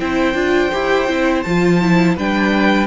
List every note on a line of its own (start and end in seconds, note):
0.00 0.34 C4
0.00 0.35 E4
0.00 2.16 C5
0.00 1.43 G5
0.34 0.71 D4
0.34 0.71 F4
0.73 1.09 E4
0.73 1.08 G4
1.08 1.46 C4
1.08 1.44 E4
1.43 2.17 F3
1.43 1.82 F4
1.43 2.15 A5
1.82 2.18 E4
2.16 2.87 G3
2.16 2.87 D4
2.16 2.87 B4
2.16 2.87 G5